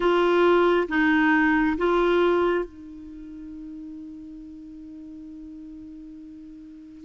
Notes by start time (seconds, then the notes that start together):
0.00 F4
0.88 D#4
1.77 F4
2.65 D#4